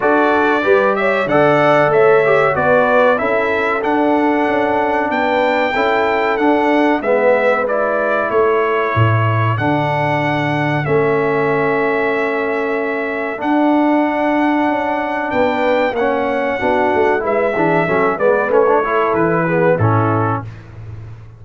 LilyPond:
<<
  \new Staff \with { instrumentName = "trumpet" } { \time 4/4 \tempo 4 = 94 d''4. e''8 fis''4 e''4 | d''4 e''4 fis''2 | g''2 fis''4 e''4 | d''4 cis''2 fis''4~ |
fis''4 e''2.~ | e''4 fis''2. | g''4 fis''2 e''4~ | e''8 d''8 cis''4 b'4 a'4 | }
  \new Staff \with { instrumentName = "horn" } { \time 4/4 a'4 b'8 cis''8 d''4 cis''4 | b'4 a'2. | b'4 a'2 b'4~ | b'4 a'2.~ |
a'1~ | a'1 | b'4 cis''4 fis'4 b'8 gis'8 | a'8 b'4 a'4 gis'8 e'4 | }
  \new Staff \with { instrumentName = "trombone" } { \time 4/4 fis'4 g'4 a'4. g'8 | fis'4 e'4 d'2~ | d'4 e'4 d'4 b4 | e'2. d'4~ |
d'4 cis'2.~ | cis'4 d'2.~ | d'4 cis'4 d'4 e'8 d'8 | cis'8 b8 cis'16 d'16 e'4 b8 cis'4 | }
  \new Staff \with { instrumentName = "tuba" } { \time 4/4 d'4 g4 d4 a4 | b4 cis'4 d'4 cis'4 | b4 cis'4 d'4 gis4~ | gis4 a4 a,4 d4~ |
d4 a2.~ | a4 d'2 cis'4 | b4 ais4 b8 a8 gis8 e8 | fis8 gis8 a4 e4 a,4 | }
>>